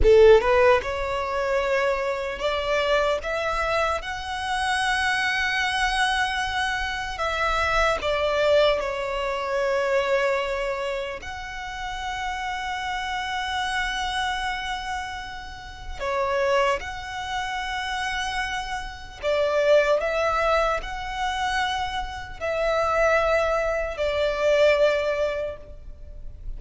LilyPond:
\new Staff \with { instrumentName = "violin" } { \time 4/4 \tempo 4 = 75 a'8 b'8 cis''2 d''4 | e''4 fis''2.~ | fis''4 e''4 d''4 cis''4~ | cis''2 fis''2~ |
fis''1 | cis''4 fis''2. | d''4 e''4 fis''2 | e''2 d''2 | }